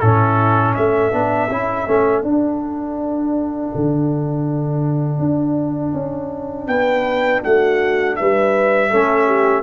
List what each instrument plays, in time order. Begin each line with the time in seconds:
0.00 tuba A2, trombone C#4, horn E4, trumpet A4
0.75 tuba A3, horn A4, trumpet E5
1.12 tuba B3, trombone D4
1.50 tuba C#4, trombone E4
1.87 tuba A3, trombone C#4
2.23 tuba D4, trombone D4, trumpet F#5
3.75 tuba D3
5.19 tuba D4
5.94 tuba C#4
6.67 tuba B3, horn B4, trumpet G5
7.43 tuba A3, horn F#4, trumpet F#5
8.16 tuba G3, horn B4, trumpet E5
8.90 tuba A3, trombone C#4, horn A4
9.27 horn G4